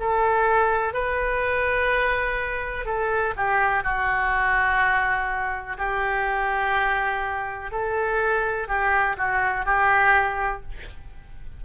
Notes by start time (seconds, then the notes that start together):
0.00 A4
0.93 B4
2.85 A4
3.37 G4
3.84 F#4
5.78 G4
7.72 A4
8.68 G4
9.18 F#4
9.66 G4